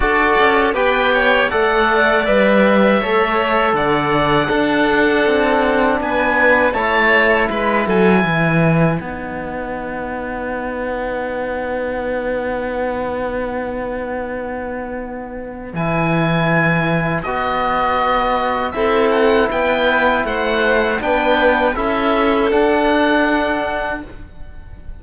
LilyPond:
<<
  \new Staff \with { instrumentName = "oboe" } { \time 4/4 \tempo 4 = 80 d''4 g''4 fis''4 e''4~ | e''4 fis''2. | gis''4 a''4 b''8 gis''4. | fis''1~ |
fis''1~ | fis''4 gis''2 dis''4~ | dis''4 e''8 fis''8 g''4 fis''4 | g''4 e''4 fis''2 | }
  \new Staff \with { instrumentName = "violin" } { \time 4/4 a'4 b'8 cis''8 d''2 | cis''4 d''4 a'2 | b'4 cis''4 b'8 a'8 b'4~ | b'1~ |
b'1~ | b'1~ | b'4 a'4 b'4 c''4 | b'4 a'2. | }
  \new Staff \with { instrumentName = "trombone" } { \time 4/4 fis'4 g'4 a'4 b'4 | a'2 d'2~ | d'4 e'2. | dis'1~ |
dis'1~ | dis'4 e'2 fis'4~ | fis'4 e'2. | d'4 e'4 d'2 | }
  \new Staff \with { instrumentName = "cello" } { \time 4/4 d'8 cis'8 b4 a4 g4 | a4 d4 d'4 c'4 | b4 a4 gis8 fis8 e4 | b1~ |
b1~ | b4 e2 b4~ | b4 c'4 b4 a4 | b4 cis'4 d'2 | }
>>